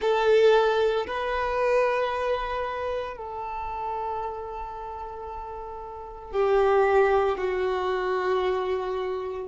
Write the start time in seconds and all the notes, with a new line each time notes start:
0.01 A4
1.06 B4
3.16 A4
6.32 G4
7.37 F#4